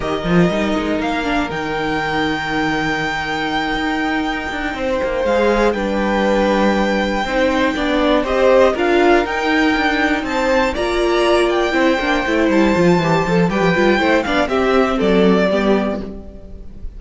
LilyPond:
<<
  \new Staff \with { instrumentName = "violin" } { \time 4/4 \tempo 4 = 120 dis''2 f''4 g''4~ | g''1~ | g''2~ g''8 f''4 g''8~ | g''1~ |
g''8 dis''4 f''4 g''4.~ | g''8 a''4 ais''4. g''4~ | g''4 a''2 g''4~ | g''8 f''8 e''4 d''2 | }
  \new Staff \with { instrumentName = "violin" } { \time 4/4 ais'1~ | ais'1~ | ais'4. c''2 b'8~ | b'2~ b'8 c''4 d''8~ |
d''8 c''4 ais'2~ ais'8~ | ais'8 c''4 d''2 c''8~ | c''2. b'4 | c''8 d''8 g'4 a'4 g'4 | }
  \new Staff \with { instrumentName = "viola" } { \time 4/4 g'8 f'8 dis'4. d'8 dis'4~ | dis'1~ | dis'2~ dis'8 gis'4 d'8~ | d'2~ d'8 dis'4 d'8~ |
d'8 g'4 f'4 dis'4.~ | dis'4. f'2 e'8 | d'8 e'4 f'8 g'8 a'8 g'8 f'8 | e'8 d'8 c'2 b4 | }
  \new Staff \with { instrumentName = "cello" } { \time 4/4 dis8 f8 g8 gis8 ais4 dis4~ | dis2.~ dis8 dis'8~ | dis'4 d'8 c'8 ais8 gis4 g8~ | g2~ g8 c'4 b8~ |
b8 c'4 d'4 dis'4 d'8~ | d'8 c'4 ais2 c'8 | ais8 a8 g8 f8 e8 f8 g16 f16 g8 | a8 b8 c'4 fis4 g4 | }
>>